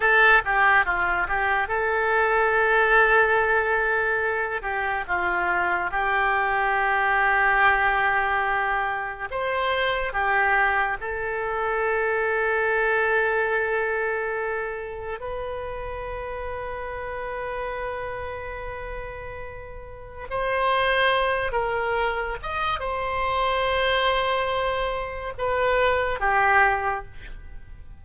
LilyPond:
\new Staff \with { instrumentName = "oboe" } { \time 4/4 \tempo 4 = 71 a'8 g'8 f'8 g'8 a'2~ | a'4. g'8 f'4 g'4~ | g'2. c''4 | g'4 a'2.~ |
a'2 b'2~ | b'1 | c''4. ais'4 dis''8 c''4~ | c''2 b'4 g'4 | }